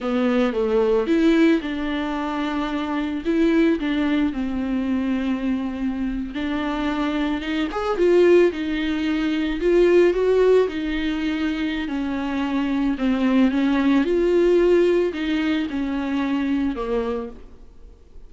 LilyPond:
\new Staff \with { instrumentName = "viola" } { \time 4/4 \tempo 4 = 111 b4 a4 e'4 d'4~ | d'2 e'4 d'4 | c'2.~ c'8. d'16~ | d'4.~ d'16 dis'8 gis'8 f'4 dis'16~ |
dis'4.~ dis'16 f'4 fis'4 dis'16~ | dis'2 cis'2 | c'4 cis'4 f'2 | dis'4 cis'2 ais4 | }